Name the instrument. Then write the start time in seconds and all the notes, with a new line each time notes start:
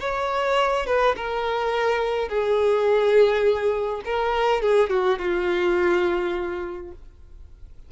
violin
0.00 C#5
0.87 B4
1.16 A#4
2.29 G#4
4.05 A#4
4.62 G#4
4.90 F#4
5.19 F4